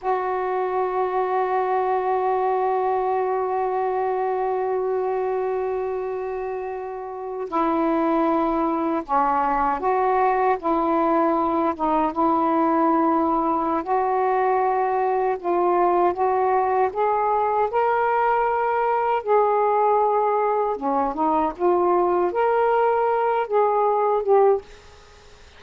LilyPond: \new Staff \with { instrumentName = "saxophone" } { \time 4/4 \tempo 4 = 78 fis'1~ | fis'1~ | fis'4.~ fis'16 e'2 cis'16~ | cis'8. fis'4 e'4. dis'8 e'16~ |
e'2 fis'2 | f'4 fis'4 gis'4 ais'4~ | ais'4 gis'2 cis'8 dis'8 | f'4 ais'4. gis'4 g'8 | }